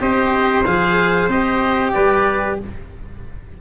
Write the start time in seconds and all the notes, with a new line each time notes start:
0.00 C4 G4 C5 D#5
0.66 F3 G#4 F5
1.28 C4 G4 D#5
1.92 G3 B4 D5